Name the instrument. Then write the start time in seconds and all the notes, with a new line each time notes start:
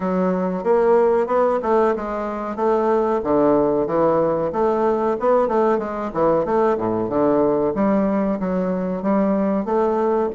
bassoon
0.00 F#3
0.63 A#3
1.26 B3
1.62 A3
1.96 G#3
2.55 A3
3.23 D3
3.87 E3
4.52 A3
5.19 B3
5.48 A3
5.78 G#3
6.13 E3
6.45 A3
6.77 A2
7.09 D3
7.74 G3
8.39 F#3
9.02 G3
9.65 A3